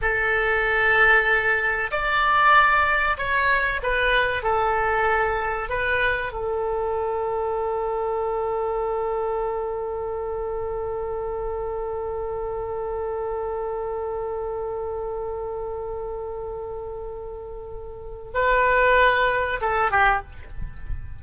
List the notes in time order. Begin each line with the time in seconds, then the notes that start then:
0.01 A4
1.91 D5
3.17 C#5
3.82 B4
4.42 A4
5.69 B4
6.32 A4
18.34 B4
19.61 A4
19.91 G4